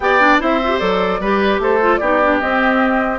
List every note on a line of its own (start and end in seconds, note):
0.00 0.37 B3
0.00 0.21 G4
0.00 0.41 D5
0.00 0.39 G5
0.21 0.40 D4
0.40 0.80 C4
0.40 0.60 E4
0.40 1.20 C5
0.40 0.78 E5
0.63 0.70 F4
0.70 0.80 G4
0.78 1.20 F#3
0.78 1.20 A4
0.78 1.58 D5
1.20 1.58 G3
1.20 1.81 G4
1.20 1.60 B4
1.58 1.98 A3
1.58 2.00 A4
1.58 1.96 C5
1.81 2.01 F4
1.96 2.40 B3
1.96 2.21 D#4
1.96 3.18 G4
1.96 2.36 D5
2.22 2.40 D4
2.39 3.18 C4
2.39 3.18 D#5